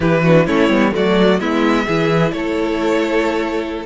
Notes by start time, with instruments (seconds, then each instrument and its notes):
0.00 cello E3, viola E4, violin G4 B4
0.23 viola D4, violin F#4
0.45 cello A3, viola C#4, violin E4 C#5
0.68 cello G3, viola B3
0.92 cello F#3, viola A3, violin F#4 D5
1.39 cello G#3, viola B3, violin E4 E5
1.85 cello E3, viola E4, violin G#4
2.31 cello A3, violin A4 C#5